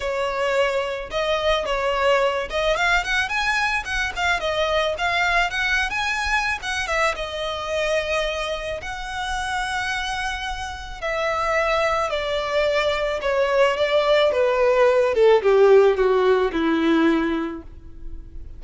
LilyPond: \new Staff \with { instrumentName = "violin" } { \time 4/4 \tempo 4 = 109 cis''2 dis''4 cis''4~ | cis''8 dis''8 f''8 fis''8 gis''4 fis''8 f''8 | dis''4 f''4 fis''8. gis''4~ gis''16 | fis''8 e''8 dis''2. |
fis''1 | e''2 d''2 | cis''4 d''4 b'4. a'8 | g'4 fis'4 e'2 | }